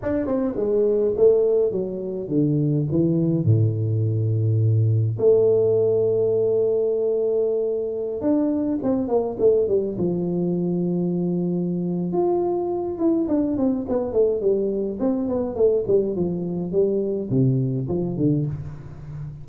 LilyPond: \new Staff \with { instrumentName = "tuba" } { \time 4/4 \tempo 4 = 104 d'8 c'8 gis4 a4 fis4 | d4 e4 a,2~ | a,4 a2.~ | a2~ a16 d'4 c'8 ais16~ |
ais16 a8 g8 f2~ f8.~ | f4 f'4. e'8 d'8 c'8 | b8 a8 g4 c'8 b8 a8 g8 | f4 g4 c4 f8 d8 | }